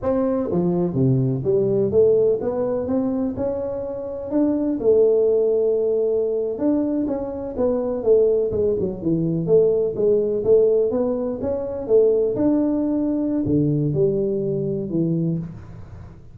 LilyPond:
\new Staff \with { instrumentName = "tuba" } { \time 4/4 \tempo 4 = 125 c'4 f4 c4 g4 | a4 b4 c'4 cis'4~ | cis'4 d'4 a2~ | a4.~ a16 d'4 cis'4 b16~ |
b8. a4 gis8 fis8 e4 a16~ | a8. gis4 a4 b4 cis'16~ | cis'8. a4 d'2~ d'16 | d4 g2 e4 | }